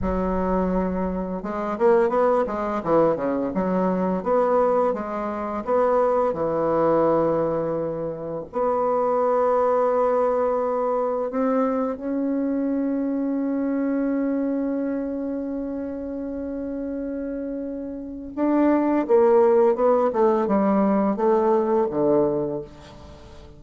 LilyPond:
\new Staff \with { instrumentName = "bassoon" } { \time 4/4 \tempo 4 = 85 fis2 gis8 ais8 b8 gis8 | e8 cis8 fis4 b4 gis4 | b4 e2. | b1 |
c'4 cis'2.~ | cis'1~ | cis'2 d'4 ais4 | b8 a8 g4 a4 d4 | }